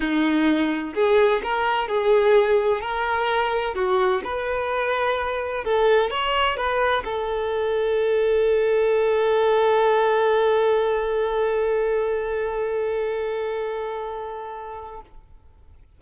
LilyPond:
\new Staff \with { instrumentName = "violin" } { \time 4/4 \tempo 4 = 128 dis'2 gis'4 ais'4 | gis'2 ais'2 | fis'4 b'2. | a'4 cis''4 b'4 a'4~ |
a'1~ | a'1~ | a'1~ | a'1 | }